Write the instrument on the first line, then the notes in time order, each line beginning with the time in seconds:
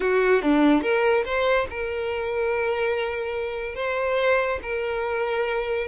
violin
0.00 F#4
0.42 D4
0.82 A#4
1.25 C5
1.70 A#4
3.75 C5
4.62 A#4